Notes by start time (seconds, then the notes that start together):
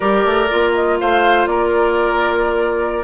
0.00 G3 G4 A#4 D5
0.24 A3
0.49 A#3 F4
0.74 D#5
0.99 A3 C5 F5
1.46 A#3 A#4 D5